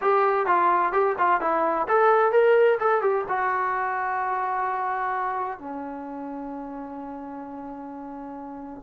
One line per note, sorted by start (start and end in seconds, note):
0.01 0.46 G4
0.46 0.92 F4
0.92 1.15 G4
1.18 1.40 F4
1.40 1.87 E4
1.88 2.32 A4
2.32 2.78 A#4
2.79 3.01 A4
3.01 3.24 G4
3.28 5.59 F#4
5.59 8.83 C#4